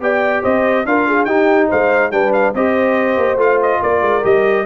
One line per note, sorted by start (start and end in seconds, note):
0.00 0.42 B3
0.00 0.85 G4
0.00 0.43 D5
0.00 0.43 G5
0.43 0.85 C4
0.43 0.85 C5
0.43 0.85 D#5
0.85 1.25 D4
0.85 1.27 F4
0.85 1.07 A#4
0.85 1.25 F5
1.07 1.26 G#4
1.25 1.67 D#4
1.25 2.11 D#4
1.25 1.68 G4
1.25 1.67 G5
1.68 2.11 G#3
1.68 2.11 C5
1.68 2.11 F5
2.11 2.53 G3
2.11 2.54 D4
2.11 2.54 B4
2.11 2.32 G5
2.32 2.54 F5
2.54 3.17 C4
2.54 3.38 G4
2.54 3.81 C5
2.54 3.39 D#5
3.17 3.36 A#3
3.36 3.78 A3
3.36 4.22 F4
3.36 3.61 F5
3.62 3.82 D#5
3.82 4.01 A#3
3.82 4.65 A#4
3.82 4.24 D5
4.01 4.22 G#3
4.22 4.65 G3
4.22 4.64 G4
4.22 4.65 D#5